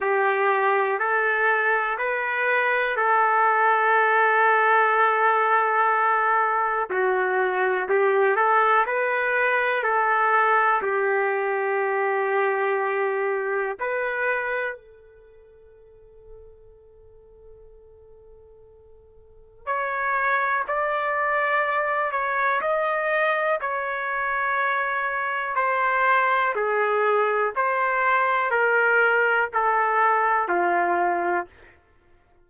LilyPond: \new Staff \with { instrumentName = "trumpet" } { \time 4/4 \tempo 4 = 61 g'4 a'4 b'4 a'4~ | a'2. fis'4 | g'8 a'8 b'4 a'4 g'4~ | g'2 b'4 a'4~ |
a'1 | cis''4 d''4. cis''8 dis''4 | cis''2 c''4 gis'4 | c''4 ais'4 a'4 f'4 | }